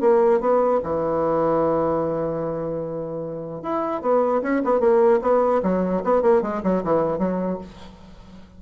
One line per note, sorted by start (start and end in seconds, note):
0.00 0.40 A#3
0.40 0.80 B3
0.83 3.62 E3
3.62 4.01 E4
4.01 4.41 B3
4.42 4.62 C#4
4.64 4.80 B3
4.80 5.20 A#3
5.21 5.61 B3
5.63 6.03 F#3
6.04 6.22 B3
6.22 6.42 A#3
6.42 6.62 G#3
6.63 6.83 F#3
6.83 7.18 E3
7.18 7.58 F#3